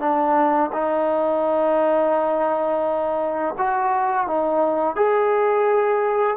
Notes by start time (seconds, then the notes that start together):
0.00 D4
0.73 D#4
3.58 F#4
4.28 D#4
4.96 G#4